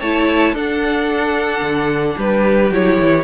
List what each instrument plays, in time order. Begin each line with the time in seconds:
0.00 cello A3, viola E4, violin C#5 A5
0.53 cello D4, viola D4, violin A4 F#5
1.62 cello D3
2.17 cello G3, violin G4 B4
2.71 cello F#3, viola E4, violin C#5
3.00 cello E3